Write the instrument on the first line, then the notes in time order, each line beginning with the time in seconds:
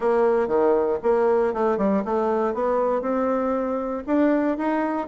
bassoon
0.00 A#3
0.47 D#3
1.02 A#3
1.53 A3
1.77 G3
2.04 A3
2.54 B3
3.01 C4
4.06 D4
4.57 D#4